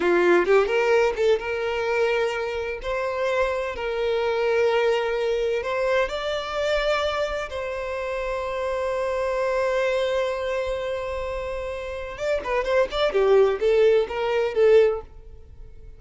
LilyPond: \new Staff \with { instrumentName = "violin" } { \time 4/4 \tempo 4 = 128 f'4 g'8 ais'4 a'8 ais'4~ | ais'2 c''2 | ais'1 | c''4 d''2. |
c''1~ | c''1~ | c''2 d''8 b'8 c''8 d''8 | g'4 a'4 ais'4 a'4 | }